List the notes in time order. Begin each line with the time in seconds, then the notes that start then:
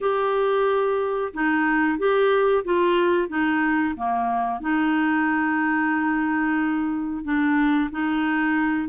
0.01 G4
1.33 D#4
1.98 G4
2.64 F4
3.28 D#4
3.96 A#3
4.60 D#4
7.23 D4
7.91 D#4